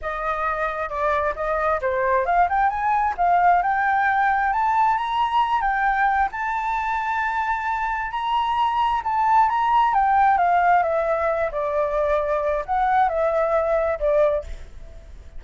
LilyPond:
\new Staff \with { instrumentName = "flute" } { \time 4/4 \tempo 4 = 133 dis''2 d''4 dis''4 | c''4 f''8 g''8 gis''4 f''4 | g''2 a''4 ais''4~ | ais''8 g''4. a''2~ |
a''2 ais''2 | a''4 ais''4 g''4 f''4 | e''4. d''2~ d''8 | fis''4 e''2 d''4 | }